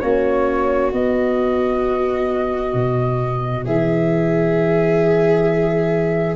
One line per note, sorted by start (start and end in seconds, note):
0.00 0.92 A#3
0.00 0.92 C#4
0.00 3.65 F#4
0.00 0.91 C#5
0.92 6.35 B3
0.92 2.74 B3
0.92 3.66 D#5
2.74 3.65 B2
3.65 6.35 E3
3.65 6.35 G#4
3.65 6.35 E5